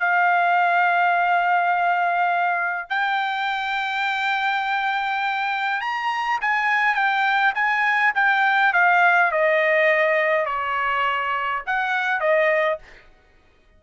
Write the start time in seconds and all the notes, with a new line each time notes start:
0.00 F5
2.90 G5
5.81 A#5
6.42 G#5
6.95 G5
7.55 G#5
8.15 G5
8.74 F5
9.32 D#5
10.46 C#5
11.67 F#5
12.21 D#5